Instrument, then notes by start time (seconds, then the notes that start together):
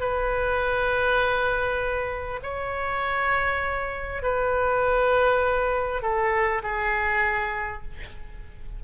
oboe
0.00 B4
2.43 C#5
4.23 B4
6.03 A4
6.63 G#4